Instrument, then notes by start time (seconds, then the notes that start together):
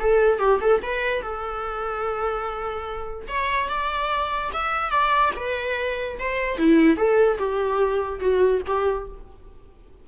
viola
0.00 A4
0.39 G4
0.61 A4
0.83 B4
1.22 A4
3.28 C#5
3.69 D5
4.54 E5
4.91 D5
5.36 B4
6.20 C5
6.58 E4
6.97 A4
7.38 G4
8.20 F#4
8.67 G4